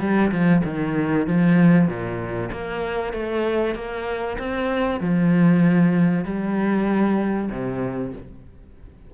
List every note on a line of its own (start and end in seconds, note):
0.00 0.31 G3
0.32 0.63 F3
0.64 1.27 D#3
1.27 1.88 F3
1.88 2.51 A#2
2.52 3.13 A#3
3.13 3.75 A3
3.75 4.38 A#3
4.39 5.00 C4
5.00 6.25 F3
6.25 7.50 G3
7.51 8.13 C3